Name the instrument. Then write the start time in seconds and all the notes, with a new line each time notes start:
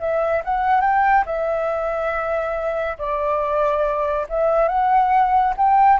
flute
0.00 E5
0.44 F#5
0.81 G5
1.26 E5
2.98 D5
4.29 E5
4.68 F#5
5.57 G5